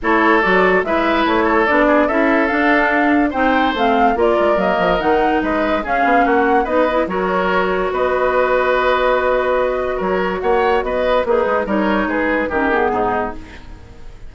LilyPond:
<<
  \new Staff \with { instrumentName = "flute" } { \time 4/4 \tempo 4 = 144 cis''4 d''4 e''4 cis''4 | d''4 e''4 f''2 | g''4 f''4 d''4 dis''4 | fis''4 dis''4 f''4 fis''4 |
dis''4 cis''2 dis''4~ | dis''1 | cis''4 fis''4 dis''4 b'4 | cis''4 b'4 ais'8 gis'4. | }
  \new Staff \with { instrumentName = "oboe" } { \time 4/4 a'2 b'4. a'8~ | a'8 gis'8 a'2. | c''2 ais'2~ | ais'4 b'4 gis'4 fis'4 |
b'4 ais'2 b'4~ | b'1 | ais'4 cis''4 b'4 dis'4 | ais'4 gis'4 g'4 dis'4 | }
  \new Staff \with { instrumentName = "clarinet" } { \time 4/4 e'4 fis'4 e'2 | d'4 e'4 d'2 | dis'4 c'4 f'4 ais4 | dis'2 cis'2 |
dis'8 e'8 fis'2.~ | fis'1~ | fis'2. gis'4 | dis'2 cis'8 b4. | }
  \new Staff \with { instrumentName = "bassoon" } { \time 4/4 a4 fis4 gis4 a4 | b4 cis'4 d'2 | c'4 a4 ais8 gis8 fis8 f8 | dis4 gis4 cis'8 b8 ais4 |
b4 fis2 b4~ | b1 | fis4 ais4 b4 ais8 gis8 | g4 gis4 dis4 gis,4 | }
>>